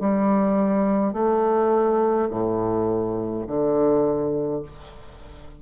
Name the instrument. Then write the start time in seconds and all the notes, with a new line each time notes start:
bassoon
0.00 G3
1.13 A3
2.30 A2
3.47 D3